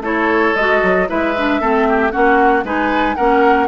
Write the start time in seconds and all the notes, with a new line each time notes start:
0.00 A3 E4 A4 C#5
0.55 G#3 F#4 D#5
0.82 F#3
1.07 G#3 E4 B4 E5
1.37 D4
1.60 A3 C4 A4
1.88 G4
2.11 A#3 C#4 F#4 F#5
2.63 G#3 D#4 B4 G#5
3.15 A#3 C#4 A#4 F#5